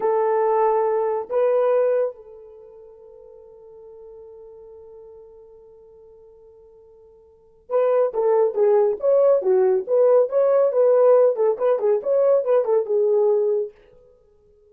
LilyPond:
\new Staff \with { instrumentName = "horn" } { \time 4/4 \tempo 4 = 140 a'2. b'4~ | b'4 a'2.~ | a'1~ | a'1~ |
a'2 b'4 a'4 | gis'4 cis''4 fis'4 b'4 | cis''4 b'4. a'8 b'8 gis'8 | cis''4 b'8 a'8 gis'2 | }